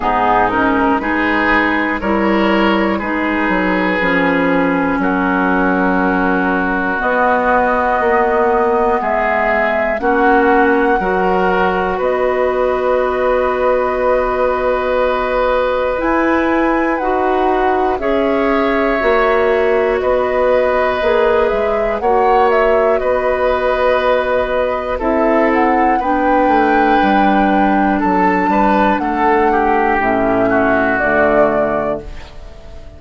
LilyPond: <<
  \new Staff \with { instrumentName = "flute" } { \time 4/4 \tempo 4 = 60 gis'8 ais'8 b'4 cis''4 b'4~ | b'4 ais'2 dis''4~ | dis''4 e''4 fis''2 | dis''1 |
gis''4 fis''4 e''2 | dis''4. e''8 fis''8 e''8 dis''4~ | dis''4 e''8 fis''8 g''2 | a''4 fis''4 e''4 d''4 | }
  \new Staff \with { instrumentName = "oboe" } { \time 4/4 dis'4 gis'4 ais'4 gis'4~ | gis'4 fis'2.~ | fis'4 gis'4 fis'4 ais'4 | b'1~ |
b'2 cis''2 | b'2 cis''4 b'4~ | b'4 a'4 b'2 | a'8 b'8 a'8 g'4 fis'4. | }
  \new Staff \with { instrumentName = "clarinet" } { \time 4/4 b8 cis'8 dis'4 e'4 dis'4 | cis'2. b4~ | b2 cis'4 fis'4~ | fis'1 |
e'4 fis'4 gis'4 fis'4~ | fis'4 gis'4 fis'2~ | fis'4 e'4 d'2~ | d'2 cis'4 a4 | }
  \new Staff \with { instrumentName = "bassoon" } { \time 4/4 gis,4 gis4 g4 gis8 fis8 | f4 fis2 b4 | ais4 gis4 ais4 fis4 | b1 |
e'4 dis'4 cis'4 ais4 | b4 ais8 gis8 ais4 b4~ | b4 c'4 b8 a8 g4 | fis8 g8 a4 a,4 d4 | }
>>